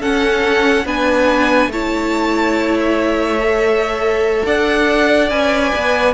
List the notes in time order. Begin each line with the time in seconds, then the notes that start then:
0.00 C#4 A4 F#5
0.85 B3 D4 B4 G#5
1.67 A3 E4 C#5 A5
2.80 E5
3.39 A4
4.46 D4 D5 F#5
5.30 C#4 B4 G#5
5.75 B3